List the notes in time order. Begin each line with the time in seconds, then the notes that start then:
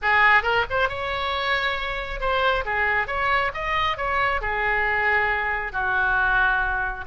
0.02 G#4
0.42 A#4
0.70 C5
0.88 C#5
2.20 C5
2.65 G#4
3.07 C#5
3.54 D#5
3.97 C#5
4.41 G#4
5.72 F#4